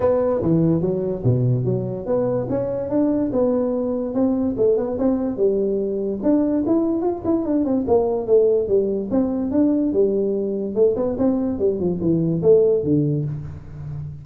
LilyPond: \new Staff \with { instrumentName = "tuba" } { \time 4/4 \tempo 4 = 145 b4 e4 fis4 b,4 | fis4 b4 cis'4 d'4 | b2 c'4 a8 b8 | c'4 g2 d'4 |
e'4 f'8 e'8 d'8 c'8 ais4 | a4 g4 c'4 d'4 | g2 a8 b8 c'4 | g8 f8 e4 a4 d4 | }